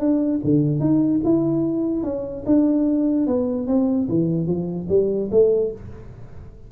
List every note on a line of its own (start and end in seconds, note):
0.00 0.41 D4
0.44 0.81 D3
0.81 1.21 D#4
1.25 2.04 E4
2.04 2.44 C#4
2.46 3.27 D4
3.27 3.67 B3
3.67 4.08 C4
4.09 4.47 E3
4.47 4.88 F3
4.89 5.30 G3
5.32 5.72 A3